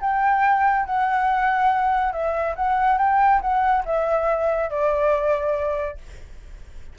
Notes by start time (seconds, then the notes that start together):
0.00 G5
0.85 F#5
2.12 E5
2.55 F#5
2.98 G5
3.41 F#5
3.85 E5
4.70 D5